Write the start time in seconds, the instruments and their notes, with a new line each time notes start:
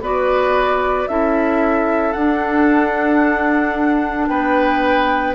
0.00 bassoon B3, clarinet F#4, oboe B4, flute D5
1.08 bassoon C#4, clarinet E4, oboe A4, flute E5
2.12 clarinet D4, bassoon D4, flute F#5
4.27 bassoon B3, oboe B4, flute G5